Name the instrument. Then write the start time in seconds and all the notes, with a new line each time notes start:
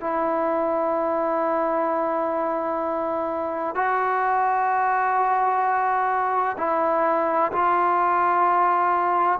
trombone
0.00 E4
3.75 F#4
6.58 E4
7.51 F4